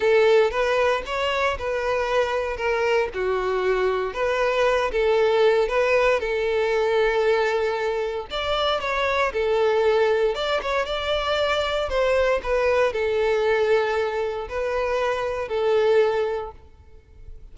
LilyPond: \new Staff \with { instrumentName = "violin" } { \time 4/4 \tempo 4 = 116 a'4 b'4 cis''4 b'4~ | b'4 ais'4 fis'2 | b'4. a'4. b'4 | a'1 |
d''4 cis''4 a'2 | d''8 cis''8 d''2 c''4 | b'4 a'2. | b'2 a'2 | }